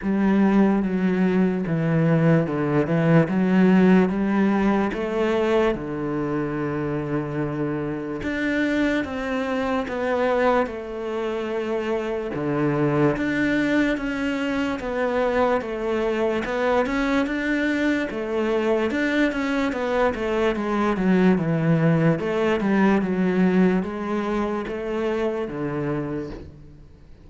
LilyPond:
\new Staff \with { instrumentName = "cello" } { \time 4/4 \tempo 4 = 73 g4 fis4 e4 d8 e8 | fis4 g4 a4 d4~ | d2 d'4 c'4 | b4 a2 d4 |
d'4 cis'4 b4 a4 | b8 cis'8 d'4 a4 d'8 cis'8 | b8 a8 gis8 fis8 e4 a8 g8 | fis4 gis4 a4 d4 | }